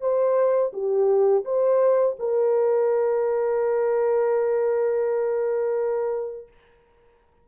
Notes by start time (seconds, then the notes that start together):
0.00 C5
0.73 G4
1.44 C5
2.19 A#4